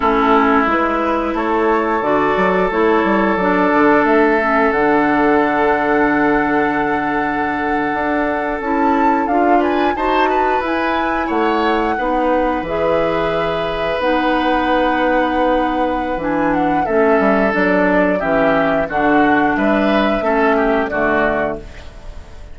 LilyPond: <<
  \new Staff \with { instrumentName = "flute" } { \time 4/4 \tempo 4 = 89 a'4 b'4 cis''4 d''4 | cis''4 d''4 e''4 fis''4~ | fis''1~ | fis''8. a''4 f''8 gis''8 a''4 gis''16~ |
gis''8. fis''2 e''4~ e''16~ | e''8. fis''2.~ fis''16 | gis''8 fis''8 e''4 d''4 e''4 | fis''4 e''2 d''4 | }
  \new Staff \with { instrumentName = "oboe" } { \time 4/4 e'2 a'2~ | a'1~ | a'1~ | a'2~ a'16 b'8 c''8 b'8.~ |
b'8. cis''4 b'2~ b'16~ | b'1~ | b'4 a'2 g'4 | fis'4 b'4 a'8 g'8 fis'4 | }
  \new Staff \with { instrumentName = "clarinet" } { \time 4/4 cis'4 e'2 fis'4 | e'4 d'4. cis'8 d'4~ | d'1~ | d'8. e'4 f'4 fis'4 e'16~ |
e'4.~ e'16 dis'4 gis'4~ gis'16~ | gis'8. dis'2.~ dis'16 | d'4 cis'4 d'4 cis'4 | d'2 cis'4 a4 | }
  \new Staff \with { instrumentName = "bassoon" } { \time 4/4 a4 gis4 a4 d8 fis8 | a8 g8 fis8 d8 a4 d4~ | d2.~ d8. d'16~ | d'8. cis'4 d'4 dis'4 e'16~ |
e'8. a4 b4 e4~ e16~ | e8. b2.~ b16 | e4 a8 g8 fis4 e4 | d4 g4 a4 d4 | }
>>